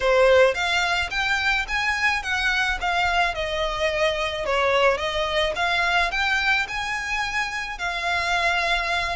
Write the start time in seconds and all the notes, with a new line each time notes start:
0.00 C5
0.54 F5
1.10 G5
1.68 G#5
2.22 F#5
2.81 F5
3.34 D#5
4.45 C#5
4.97 D#5
5.55 F5
6.11 G5
6.67 G#5
7.78 F5